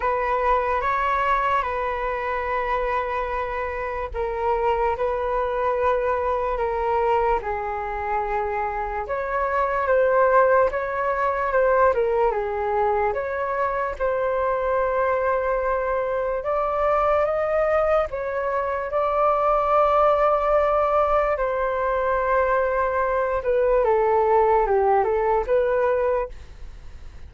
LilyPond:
\new Staff \with { instrumentName = "flute" } { \time 4/4 \tempo 4 = 73 b'4 cis''4 b'2~ | b'4 ais'4 b'2 | ais'4 gis'2 cis''4 | c''4 cis''4 c''8 ais'8 gis'4 |
cis''4 c''2. | d''4 dis''4 cis''4 d''4~ | d''2 c''2~ | c''8 b'8 a'4 g'8 a'8 b'4 | }